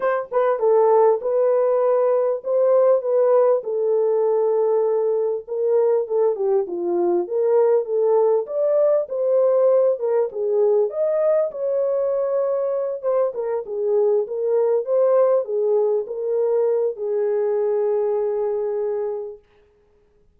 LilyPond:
\new Staff \with { instrumentName = "horn" } { \time 4/4 \tempo 4 = 99 c''8 b'8 a'4 b'2 | c''4 b'4 a'2~ | a'4 ais'4 a'8 g'8 f'4 | ais'4 a'4 d''4 c''4~ |
c''8 ais'8 gis'4 dis''4 cis''4~ | cis''4. c''8 ais'8 gis'4 ais'8~ | ais'8 c''4 gis'4 ais'4. | gis'1 | }